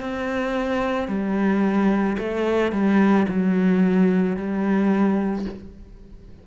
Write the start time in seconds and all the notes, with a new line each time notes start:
0.00 C4
1.08 G3
2.18 A3
2.72 G3
3.28 F#3
4.36 G3